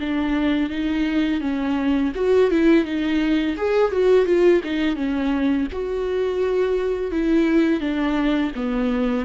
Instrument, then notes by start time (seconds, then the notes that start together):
viola
0.00 D4
0.70 D#4
1.41 C#4
2.15 F#4
2.51 E4
2.85 D#4
3.57 G#4
3.92 F#4
4.26 F4
4.64 D#4
4.96 C#4
5.72 F#4
7.12 E4
7.81 D4
8.56 B3